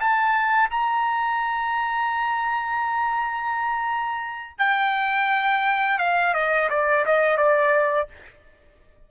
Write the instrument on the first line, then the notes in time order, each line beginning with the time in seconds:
trumpet
0.00 A5
0.70 A#5
4.59 G5
5.99 F5
6.34 D#5
6.70 D5
7.06 D#5
7.37 D5